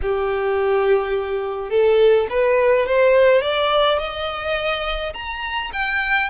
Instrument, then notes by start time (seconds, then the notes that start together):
violin
0.02 G4
1.70 A4
2.29 B4
2.86 C5
3.41 D5
3.98 D#5
5.13 A#5
5.72 G5